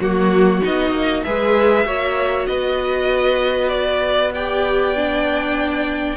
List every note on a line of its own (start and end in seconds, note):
0.00 0.62 F#3
0.00 0.63 A#3
0.00 0.63 F#4
0.00 1.25 F#4
0.63 0.91 B3
0.63 1.25 D#4
0.63 1.24 D#5
0.91 1.22 A#3
1.24 1.86 G#3
1.24 1.86 G#4
1.24 1.87 B4
1.24 2.47 E5
1.86 2.48 A#3
1.86 4.34 F#4
1.86 2.49 C#5
2.47 6.17 B3
2.47 4.35 B4
2.47 3.69 D#5
3.69 4.31 D5
4.34 4.96 G4
4.34 6.17 D5
4.34 6.17 G5
4.96 6.17 D4